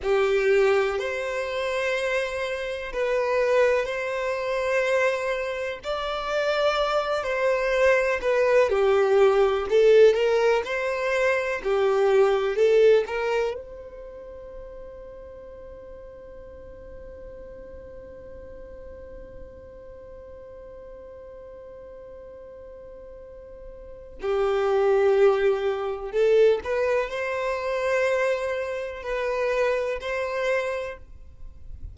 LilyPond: \new Staff \with { instrumentName = "violin" } { \time 4/4 \tempo 4 = 62 g'4 c''2 b'4 | c''2 d''4. c''8~ | c''8 b'8 g'4 a'8 ais'8 c''4 | g'4 a'8 ais'8 c''2~ |
c''1~ | c''1~ | c''4 g'2 a'8 b'8 | c''2 b'4 c''4 | }